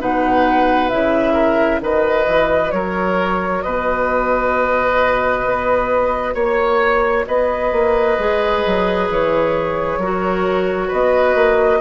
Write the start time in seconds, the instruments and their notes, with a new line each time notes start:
0.00 bassoon B2, clarinet D#4, oboe B4, flute F#5
0.90 bassoon C#3, clarinet E4, flute E5
1.34 oboe A#4
1.81 bassoon D#3, clarinet F#4, oboe B4, flute D#5
2.28 bassoon E3
2.72 bassoon F#3, oboe A#4, flute C#5
3.62 bassoon B2, oboe B4, flute D#5
5.45 bassoon B3
6.34 bassoon A#3, oboe C#5, flute C#5
7.27 bassoon B3, oboe B4, flute D#5
7.73 bassoon A#3
8.19 bassoon G#3, clarinet G#4
8.67 bassoon F#3
9.10 bassoon E3, flute C#5
9.98 bassoon F#3, clarinet F#4, oboe A#4
10.88 bassoon B3, oboe B4, flute D#5
11.35 bassoon A#3